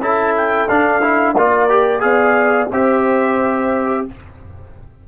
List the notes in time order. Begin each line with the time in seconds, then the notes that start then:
0.00 C#4 E4 A4 A5
0.37 G5
0.68 D4 F5
1.02 E4
1.35 A#3 F4 A#4 D5
1.69 G4
2.00 B3 G#4 D5 F5
2.71 C4 G4 C5 E5